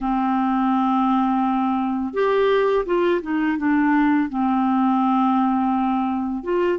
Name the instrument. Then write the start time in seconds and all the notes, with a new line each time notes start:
clarinet
0.01 C4
2.13 G4
2.85 F4
3.21 D#4
3.57 D4
4.29 C4
6.43 F4